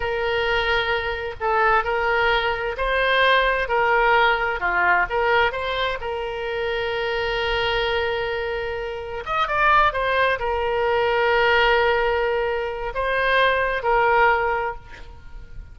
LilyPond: \new Staff \with { instrumentName = "oboe" } { \time 4/4 \tempo 4 = 130 ais'2. a'4 | ais'2 c''2 | ais'2 f'4 ais'4 | c''4 ais'2.~ |
ais'1 | dis''8 d''4 c''4 ais'4.~ | ais'1 | c''2 ais'2 | }